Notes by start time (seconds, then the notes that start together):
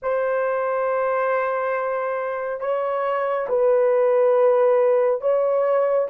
0.02 C5
2.60 C#5
3.48 B4
5.21 C#5